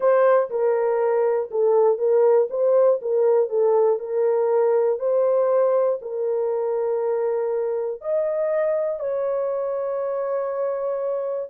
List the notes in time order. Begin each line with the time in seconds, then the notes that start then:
0.00 C5
0.50 A#4
1.50 A4
1.97 A#4
2.50 C5
3.01 A#4
3.49 A4
3.99 A#4
4.99 C5
6.01 A#4
8.01 D#5
8.99 C#5